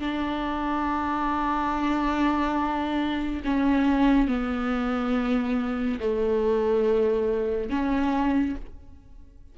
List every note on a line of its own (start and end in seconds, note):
0.00 3.43 D4
3.45 4.28 C#4
4.28 6.00 B3
6.00 7.70 A3
7.70 8.56 C#4